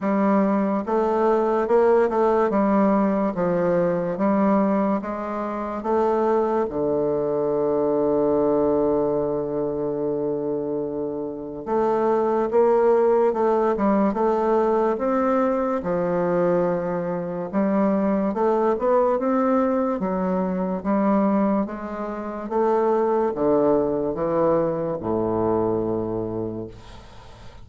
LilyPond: \new Staff \with { instrumentName = "bassoon" } { \time 4/4 \tempo 4 = 72 g4 a4 ais8 a8 g4 | f4 g4 gis4 a4 | d1~ | d2 a4 ais4 |
a8 g8 a4 c'4 f4~ | f4 g4 a8 b8 c'4 | fis4 g4 gis4 a4 | d4 e4 a,2 | }